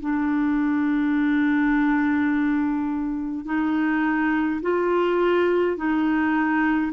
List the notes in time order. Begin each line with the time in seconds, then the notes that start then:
0.00 D4
3.45 D#4
4.62 F4
5.76 D#4